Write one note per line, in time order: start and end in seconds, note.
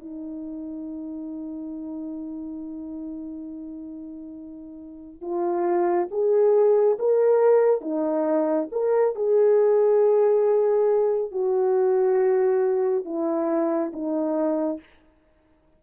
0.00 5.22 D#4
5.22 6.08 F4
6.11 6.98 G#4
6.99 7.81 A#4
7.81 8.68 D#4
8.72 9.15 A#4
9.16 11.32 G#4
11.32 13.05 F#4
13.05 13.92 E4
13.93 14.80 D#4